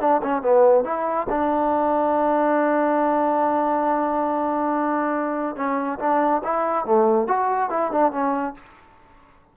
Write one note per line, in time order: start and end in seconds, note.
0.00 0.21 D4
0.22 0.42 C#4
0.42 0.85 B3
0.85 1.27 E4
1.30 5.56 D4
5.56 5.99 C#4
5.99 6.42 D4
6.44 6.86 E4
6.86 7.28 A3
7.28 7.70 F#4
7.70 7.92 E4
7.92 8.12 D4
8.12 8.55 C#4